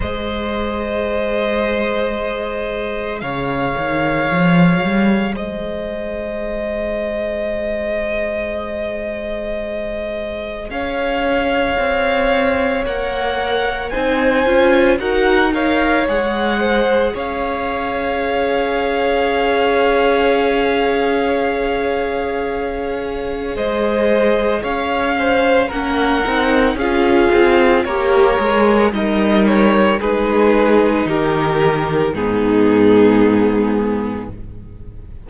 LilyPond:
<<
  \new Staff \with { instrumentName = "violin" } { \time 4/4 \tempo 4 = 56 dis''2. f''4~ | f''4 dis''2.~ | dis''2 f''2 | fis''4 gis''4 fis''8 f''8 fis''4 |
f''1~ | f''2 dis''4 f''4 | fis''4 f''4 cis''4 dis''8 cis''8 | b'4 ais'4 gis'2 | }
  \new Staff \with { instrumentName = "violin" } { \time 4/4 c''2. cis''4~ | cis''4 c''2.~ | c''2 cis''2~ | cis''4 c''4 ais'8 cis''4 c''8 |
cis''1~ | cis''2 c''4 cis''8 c''8 | ais'4 gis'4 ais'4 dis'4 | gis'4 g'4 dis'2 | }
  \new Staff \with { instrumentName = "viola" } { \time 4/4 gis'1~ | gis'1~ | gis'1 | ais'4 dis'8 f'8 fis'8 ais'8 gis'4~ |
gis'1~ | gis'1 | cis'8 dis'8 f'4 g'8 gis'8 ais'4 | dis'2 b2 | }
  \new Staff \with { instrumentName = "cello" } { \time 4/4 gis2. cis8 dis8 | f8 g8 gis2.~ | gis2 cis'4 c'4 | ais4 c'8 cis'8 dis'4 gis4 |
cis'1~ | cis'2 gis4 cis'4 | ais8 c'8 cis'8 c'8 ais8 gis8 g4 | gis4 dis4 gis,2 | }
>>